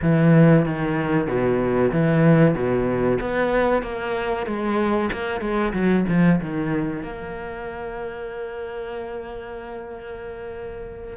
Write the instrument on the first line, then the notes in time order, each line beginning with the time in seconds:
cello
0.02 E3
0.65 D#3
1.27 B2
1.92 E3
2.54 B2
3.20 B3
3.82 A#3
4.46 G#3
5.12 A#3
5.41 G#3
5.73 F#3
6.08 F3
6.41 D#3
7.02 A#3